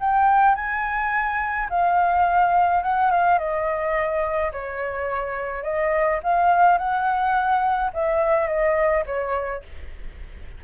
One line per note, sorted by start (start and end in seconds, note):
0.00 0.56 G5
0.56 1.69 G#5
1.70 2.83 F5
2.83 3.11 F#5
3.11 3.39 F5
3.39 4.52 D#5
4.53 5.63 C#5
5.63 6.20 D#5
6.23 6.78 F5
6.78 7.92 F#5
7.94 8.48 E5
8.48 9.04 D#5
9.06 9.63 C#5